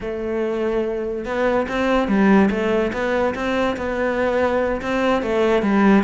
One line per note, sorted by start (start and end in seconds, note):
0.01 1.25 A3
1.25 1.66 B3
1.68 2.08 C4
2.08 2.49 G3
2.50 2.92 A3
2.92 3.34 B3
3.34 3.76 C4
3.77 4.81 B3
4.81 5.22 C4
5.22 5.62 A3
5.62 6.03 G3